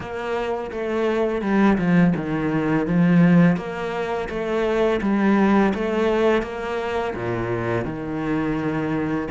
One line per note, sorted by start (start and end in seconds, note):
0.00 0.70 A#3
0.71 1.41 A3
1.41 1.77 G3
1.78 2.13 F3
2.16 2.86 D#3
2.86 3.56 F3
3.56 4.28 A#3
4.29 5.00 A3
5.01 5.73 G3
5.74 6.42 A3
6.42 7.14 A#3
7.14 7.84 A#2
7.84 9.27 D#3